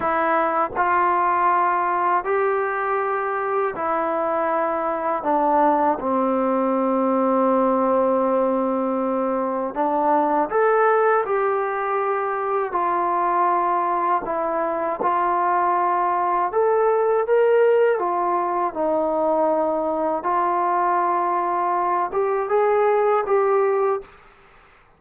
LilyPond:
\new Staff \with { instrumentName = "trombone" } { \time 4/4 \tempo 4 = 80 e'4 f'2 g'4~ | g'4 e'2 d'4 | c'1~ | c'4 d'4 a'4 g'4~ |
g'4 f'2 e'4 | f'2 a'4 ais'4 | f'4 dis'2 f'4~ | f'4. g'8 gis'4 g'4 | }